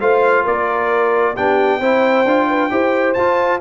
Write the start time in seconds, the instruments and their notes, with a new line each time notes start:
0.00 tuba A3, trombone F4, horn C5, trumpet F5
0.44 tuba A#3, horn A#4, trumpet D5
1.35 tuba B3, trombone D4, horn G4, trumpet G5
1.80 tuba C4, trombone E4, horn C5
2.25 tuba D4, trombone F4
2.48 horn B4
2.70 tuba E4, trombone G4, horn C5
3.14 tuba F4, trombone F4, trumpet A5